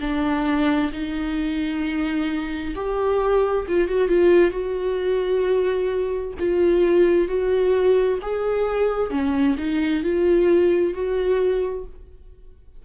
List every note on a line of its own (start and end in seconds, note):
0.00 0.91 D4
0.92 2.74 D#4
2.75 3.66 G4
3.68 3.88 F4
3.88 4.08 F#4
4.08 4.51 F4
4.51 6.33 F#4
6.39 7.27 F4
7.27 8.18 F#4
8.21 9.10 G#4
9.10 9.56 C#4
9.57 10.03 D#4
10.03 10.93 F4
10.93 11.84 F#4